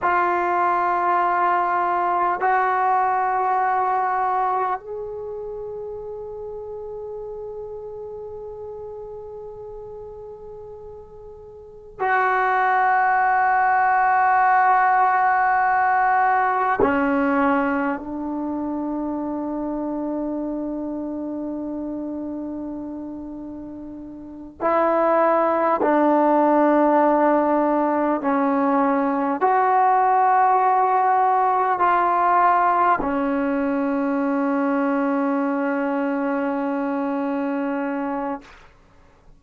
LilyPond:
\new Staff \with { instrumentName = "trombone" } { \time 4/4 \tempo 4 = 50 f'2 fis'2 | gis'1~ | gis'2 fis'2~ | fis'2 cis'4 d'4~ |
d'1~ | d'8 e'4 d'2 cis'8~ | cis'8 fis'2 f'4 cis'8~ | cis'1 | }